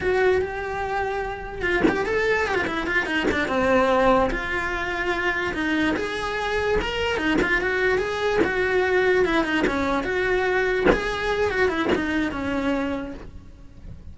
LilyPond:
\new Staff \with { instrumentName = "cello" } { \time 4/4 \tempo 4 = 146 fis'4 g'2. | f'8 g'8 a'4 g'16 f'16 e'8 f'8 dis'8 | d'8 c'2 f'4.~ | f'4. dis'4 gis'4.~ |
gis'8 ais'4 dis'8 f'8 fis'4 gis'8~ | gis'8 fis'2 e'8 dis'8 cis'8~ | cis'8 fis'2 gis'4. | fis'8 e'8 dis'4 cis'2 | }